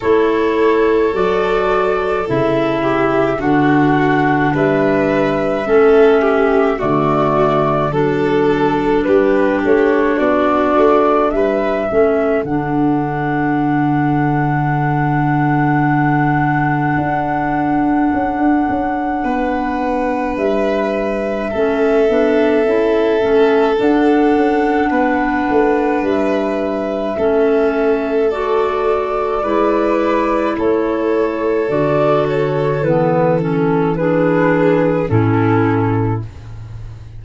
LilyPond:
<<
  \new Staff \with { instrumentName = "flute" } { \time 4/4 \tempo 4 = 53 cis''4 d''4 e''4 fis''4 | e''2 d''4 a'4 | b'8 cis''8 d''4 e''4 fis''4~ | fis''1~ |
fis''2 e''2~ | e''4 fis''2 e''4~ | e''4 d''2 cis''4 | d''8 cis''8 b'8 a'8 b'4 a'4 | }
  \new Staff \with { instrumentName = "violin" } { \time 4/4 a'2~ a'8 g'8 fis'4 | b'4 a'8 g'8 fis'4 a'4 | g'4 fis'4 b'8 a'4.~ | a'1~ |
a'4 b'2 a'4~ | a'2 b'2 | a'2 b'4 a'4~ | a'2 gis'4 e'4 | }
  \new Staff \with { instrumentName = "clarinet" } { \time 4/4 e'4 fis'4 e'4 d'4~ | d'4 cis'4 a4 d'4~ | d'2~ d'8 cis'8 d'4~ | d'1~ |
d'2. cis'8 d'8 | e'8 cis'8 d'2. | cis'4 fis'4 e'2 | fis'4 b8 cis'8 d'4 cis'4 | }
  \new Staff \with { instrumentName = "tuba" } { \time 4/4 a4 fis4 cis4 d4 | g4 a4 d4 fis4 | g8 a8 b8 a8 g8 a8 d4~ | d2. d'4 |
cis'16 d'16 cis'8 b4 g4 a8 b8 | cis'8 a8 d'8 cis'8 b8 a8 g4 | a2 gis4 a4 | d4 e2 a,4 | }
>>